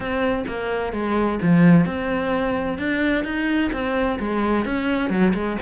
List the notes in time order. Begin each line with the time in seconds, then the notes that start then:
0.00 C4
0.47 A#3
0.92 G#3
1.42 F3
1.85 C4
2.78 D4
3.24 D#4
3.72 C4
4.19 G#3
4.65 C#4
5.10 F#3
5.34 G#3